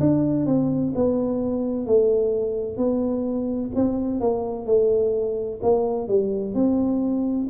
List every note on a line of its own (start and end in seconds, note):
0.00 0.46 D4
0.46 0.93 C4
0.95 1.86 B3
1.86 2.77 A3
2.77 3.71 B3
3.75 4.20 C4
4.20 4.66 A#3
4.66 5.60 A3
5.62 6.08 A#3
6.08 6.54 G3
6.54 7.48 C4